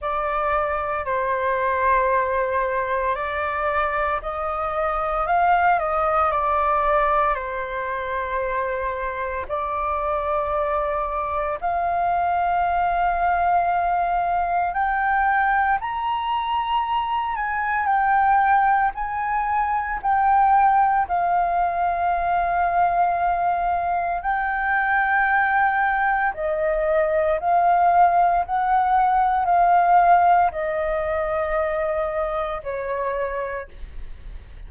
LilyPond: \new Staff \with { instrumentName = "flute" } { \time 4/4 \tempo 4 = 57 d''4 c''2 d''4 | dis''4 f''8 dis''8 d''4 c''4~ | c''4 d''2 f''4~ | f''2 g''4 ais''4~ |
ais''8 gis''8 g''4 gis''4 g''4 | f''2. g''4~ | g''4 dis''4 f''4 fis''4 | f''4 dis''2 cis''4 | }